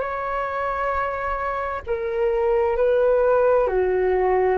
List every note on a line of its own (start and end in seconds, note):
0.00 1.82 C#5
1.87 2.76 A#4
2.76 3.67 B4
3.67 4.57 F#4